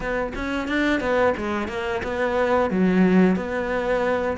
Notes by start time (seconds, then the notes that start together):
0.00 B3
0.35 C#4
0.67 D4
1.00 B3
1.37 G#3
1.68 A#3
2.03 B3
2.70 F#3
3.36 B3